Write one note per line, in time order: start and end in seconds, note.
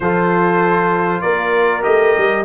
0.00 1.21 F3
0.00 1.82 F4
0.00 1.22 A4
0.00 1.21 C5
1.21 1.85 A#3
1.21 2.45 A#4
1.21 1.82 D5
1.82 2.16 A3
1.82 2.43 G4
1.82 2.44 D#5
2.17 2.45 G3